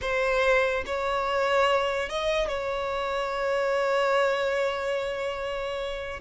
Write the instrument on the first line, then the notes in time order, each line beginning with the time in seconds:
violin
0.01 C5
0.86 C#5
2.09 D#5
2.47 C#5